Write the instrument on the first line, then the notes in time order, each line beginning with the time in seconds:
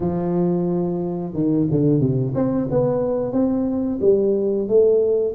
tuba
0.00 F3
1.33 D#3
1.70 D3
2.00 C3
2.35 C4
2.70 B3
3.32 C4
4.01 G3
4.68 A3